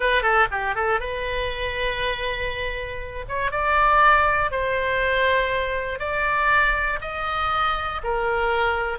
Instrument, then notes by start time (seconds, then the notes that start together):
oboe
0.00 B4
0.22 A4
0.51 G4
0.75 A4
1.00 B4
3.28 C#5
3.51 D5
4.51 C5
5.99 D5
7.01 D#5
8.03 A#4